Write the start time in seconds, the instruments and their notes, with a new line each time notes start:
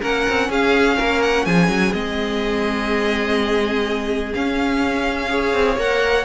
0.00 cello A#3, viola C#4, violin A#4 F#5
0.29 cello C4
0.49 cello C#4, violin G#4 F5
0.97 cello A#3, violin A#4
1.22 violin F#5
1.45 cello F3, violin G#4 G#5
1.68 cello F#3
1.93 cello G#3, viola C4, violin D#5
4.34 viola C#4, cello C#4, violin F5
5.29 viola G#4, violin C#5
5.54 cello C4
5.76 cello A#3, viola A#4, violin F#5